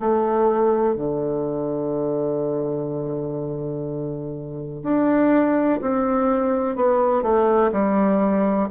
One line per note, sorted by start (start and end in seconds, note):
0.00 0.96 A3
0.96 4.83 D3
4.83 5.80 D4
5.82 6.76 C4
6.76 7.23 B3
7.23 7.71 A3
7.72 8.69 G3